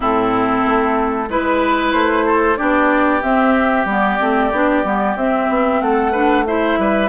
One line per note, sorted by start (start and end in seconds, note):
0.00 0.64 A2
0.00 1.28 C4
0.00 1.29 E4
0.00 1.30 A4
0.65 1.28 A3
1.28 1.93 G#3
1.28 2.57 E4
1.28 1.92 B4
1.28 2.26 B4
1.92 2.57 A3
1.92 2.57 C5
2.26 2.58 A4
2.57 3.23 B3
2.57 3.21 D4
2.57 5.80 G4
2.57 3.21 D5
3.22 3.86 C4
3.22 3.85 C4
3.22 3.86 E5
3.85 4.17 G3
3.85 4.19 B3
3.85 5.18 D5
4.19 4.52 A3
4.19 4.51 C4
4.52 4.84 B3
4.52 4.84 D4
4.84 5.15 G3
4.84 5.16 B3
5.15 5.47 C4
5.15 6.13 C4
5.15 5.81 E5
5.49 5.81 B3
5.81 6.77 A3
5.81 6.11 A4
5.81 6.46 F#5
6.11 6.45 D4
6.11 6.43 B4
6.46 7.08 E4
6.46 6.79 C5
6.46 7.08 E5
6.77 7.08 G3
6.77 7.08 B4